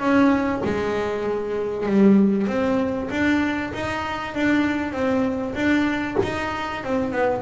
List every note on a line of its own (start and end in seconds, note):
0.00 0.62 C#4
0.65 1.87 G#3
1.87 2.47 G3
2.47 3.09 C4
3.11 3.73 D4
3.74 4.35 D#4
4.35 4.93 D4
4.93 5.55 C4
5.55 6.17 D4
6.23 6.84 D#4
6.84 7.12 C4
7.12 7.43 B3